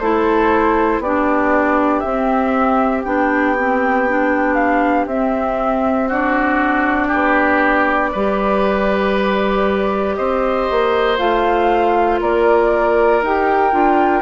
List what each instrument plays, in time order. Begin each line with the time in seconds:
0.00 bassoon A3, clarinet E4, oboe A4, flute C5
0.99 bassoon B3, clarinet D4, oboe G4, flute D5
2.00 bassoon C4, clarinet C4, flute E5
3.05 bassoon B3, clarinet D4, flute G5
3.58 clarinet C4
4.09 clarinet D4
4.55 flute F5
5.06 bassoon C4, clarinet C4, flute E5
6.08 clarinet D4, oboe F#4, flute D5
7.08 bassoon B3, oboe G4
8.13 bassoon G3, clarinet G4, oboe B4
10.16 bassoon C4, oboe C5, flute D#5
10.71 bassoon A#3
11.19 bassoon A3, clarinet F4, flute F5
12.21 bassoon A#3, oboe A#4, flute D5
13.22 bassoon D#4, clarinet G4, flute G5
13.72 bassoon D4, clarinet F4